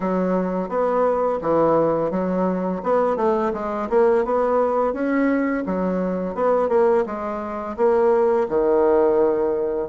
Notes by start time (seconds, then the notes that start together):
0.00 F#3
0.68 B3
1.41 E3
2.10 F#3
2.83 B3
3.16 A3
3.53 G#3
3.89 A#3
4.24 B3
4.93 C#4
5.66 F#3
6.35 B3
6.69 A#3
7.06 G#3
7.76 A#3
8.49 D#3